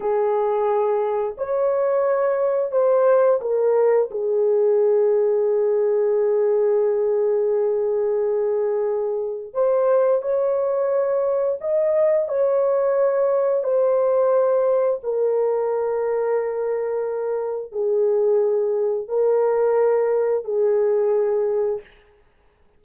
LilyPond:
\new Staff \with { instrumentName = "horn" } { \time 4/4 \tempo 4 = 88 gis'2 cis''2 | c''4 ais'4 gis'2~ | gis'1~ | gis'2 c''4 cis''4~ |
cis''4 dis''4 cis''2 | c''2 ais'2~ | ais'2 gis'2 | ais'2 gis'2 | }